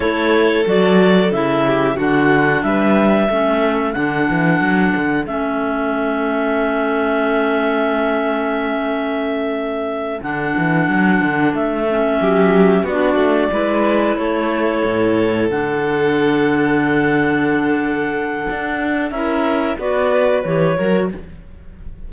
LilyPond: <<
  \new Staff \with { instrumentName = "clarinet" } { \time 4/4 \tempo 4 = 91 cis''4 d''4 e''4 fis''4 | e''2 fis''2 | e''1~ | e''2.~ e''8 fis''8~ |
fis''4. e''2 d''8~ | d''4. cis''2 fis''8~ | fis''1~ | fis''4 e''4 d''4 cis''4 | }
  \new Staff \with { instrumentName = "violin" } { \time 4/4 a'2~ a'8 g'8 fis'4 | b'4 a'2.~ | a'1~ | a'1~ |
a'2~ a'8 g'4 fis'8~ | fis'8 b'4 a'2~ a'8~ | a'1~ | a'4 ais'4 b'4. ais'8 | }
  \new Staff \with { instrumentName = "clarinet" } { \time 4/4 e'4 fis'4 e'4 d'4~ | d'4 cis'4 d'2 | cis'1~ | cis'2.~ cis'8 d'8~ |
d'2 cis'4. d'8~ | d'8 e'2. d'8~ | d'1~ | d'4 e'4 fis'4 g'8 fis'8 | }
  \new Staff \with { instrumentName = "cello" } { \time 4/4 a4 fis4 cis4 d4 | g4 a4 d8 e8 fis8 d8 | a1~ | a2.~ a8 d8 |
e8 fis8 d8 a4 fis4 b8 | a8 gis4 a4 a,4 d8~ | d1 | d'4 cis'4 b4 e8 fis8 | }
>>